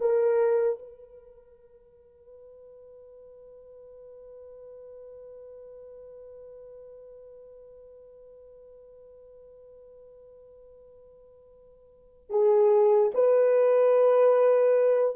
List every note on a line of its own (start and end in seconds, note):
0.00 0.79 A#4
0.79 12.30 B4
12.30 13.12 G#4
13.14 15.16 B4